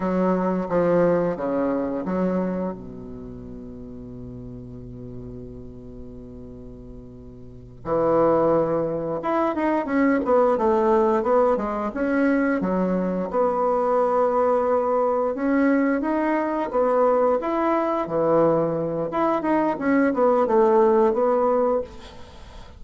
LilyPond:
\new Staff \with { instrumentName = "bassoon" } { \time 4/4 \tempo 4 = 88 fis4 f4 cis4 fis4 | b,1~ | b,2.~ b,8 e8~ | e4. e'8 dis'8 cis'8 b8 a8~ |
a8 b8 gis8 cis'4 fis4 b8~ | b2~ b8 cis'4 dis'8~ | dis'8 b4 e'4 e4. | e'8 dis'8 cis'8 b8 a4 b4 | }